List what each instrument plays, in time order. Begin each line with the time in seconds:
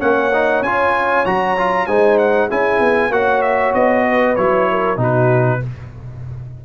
0.00 tuba A#3, trombone C#4, horn C#5, trumpet F#5
0.33 trombone D#4
0.62 tuba C#4, trombone F4, trumpet G#5
1.26 tuba F#3, trombone F#4, trumpet A#5
1.58 trombone F4
1.87 tuba G#3, trombone D#4, horn C5, trumpet G#5
2.18 trumpet F#5
2.49 tuba C#4, trombone E4, horn G#4, trumpet G#5
2.80 tuba B3
3.10 tuba A#3, trombone F#4, horn C#5, trumpet F#5
3.42 trumpet E5
3.74 tuba B3, trumpet D#5
4.08 horn B4
4.36 tuba F#3, trombone E4, trumpet C#5
4.71 horn A#4
4.97 tuba B2, trombone D#4, horn F#4, trumpet B4